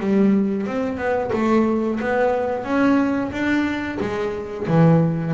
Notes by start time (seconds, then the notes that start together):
0.00 G3
0.67 C4
0.98 B3
1.33 A3
2.00 B3
2.65 C#4
3.32 D4
4.00 G#3
4.68 E3